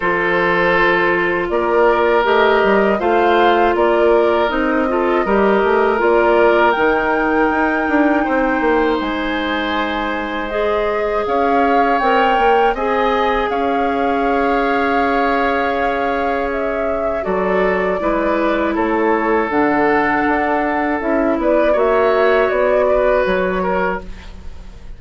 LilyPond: <<
  \new Staff \with { instrumentName = "flute" } { \time 4/4 \tempo 4 = 80 c''2 d''4 dis''4 | f''4 d''4 dis''2 | d''4 g''2. | gis''2 dis''4 f''4 |
g''4 gis''4 f''2~ | f''2 e''4 d''4~ | d''4 cis''4 fis''2 | e''8 d''8 e''4 d''4 cis''4 | }
  \new Staff \with { instrumentName = "oboe" } { \time 4/4 a'2 ais'2 | c''4 ais'4. a'8 ais'4~ | ais'2. c''4~ | c''2. cis''4~ |
cis''4 dis''4 cis''2~ | cis''2. a'4 | b'4 a'2.~ | a'8 b'8 cis''4. b'4 ais'8 | }
  \new Staff \with { instrumentName = "clarinet" } { \time 4/4 f'2. g'4 | f'2 dis'8 f'8 g'4 | f'4 dis'2.~ | dis'2 gis'2 |
ais'4 gis'2.~ | gis'2. fis'4 | e'2 d'2 | e'4 fis'2. | }
  \new Staff \with { instrumentName = "bassoon" } { \time 4/4 f2 ais4 a8 g8 | a4 ais4 c'4 g8 a8 | ais4 dis4 dis'8 d'8 c'8 ais8 | gis2. cis'4 |
c'8 ais8 c'4 cis'2~ | cis'2. fis4 | gis4 a4 d4 d'4 | cis'8 b8 ais4 b4 fis4 | }
>>